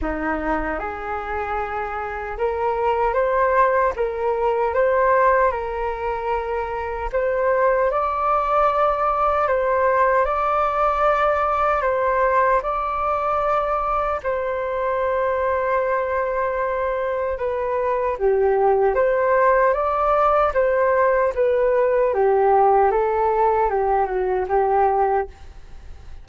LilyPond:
\new Staff \with { instrumentName = "flute" } { \time 4/4 \tempo 4 = 76 dis'4 gis'2 ais'4 | c''4 ais'4 c''4 ais'4~ | ais'4 c''4 d''2 | c''4 d''2 c''4 |
d''2 c''2~ | c''2 b'4 g'4 | c''4 d''4 c''4 b'4 | g'4 a'4 g'8 fis'8 g'4 | }